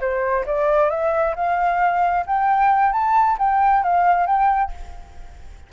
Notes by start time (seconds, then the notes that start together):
0.00 C5
0.46 D5
0.90 E5
1.36 F5
2.26 G5
2.92 A5
3.38 G5
3.83 F5
4.26 G5